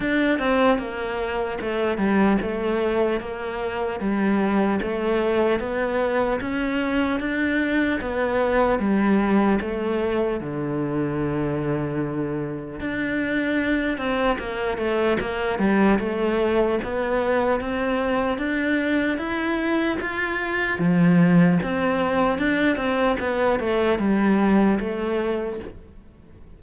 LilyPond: \new Staff \with { instrumentName = "cello" } { \time 4/4 \tempo 4 = 75 d'8 c'8 ais4 a8 g8 a4 | ais4 g4 a4 b4 | cis'4 d'4 b4 g4 | a4 d2. |
d'4. c'8 ais8 a8 ais8 g8 | a4 b4 c'4 d'4 | e'4 f'4 f4 c'4 | d'8 c'8 b8 a8 g4 a4 | }